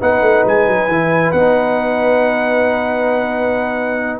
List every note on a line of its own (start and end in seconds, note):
0.00 0.21 B3
0.00 0.88 D#4
0.00 4.20 B4
0.00 0.46 F#5
0.21 0.43 A3
0.45 0.67 G#3
0.45 1.32 G#5
0.67 0.88 F#3
0.88 1.32 E3
0.88 1.36 E4
1.32 4.20 B3
1.32 4.20 D#4
1.32 4.18 F#5